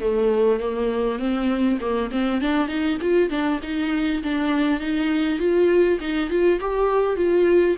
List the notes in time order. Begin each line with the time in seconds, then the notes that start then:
0.00 A3
0.60 A#3
1.19 C4
1.80 A#3
2.11 C4
2.41 D4
2.68 D#4
3.01 F4
3.29 D4
3.62 D#4
4.23 D4
4.80 D#4
5.39 F4
6.00 D#4
6.29 F4
6.60 G4
7.16 F4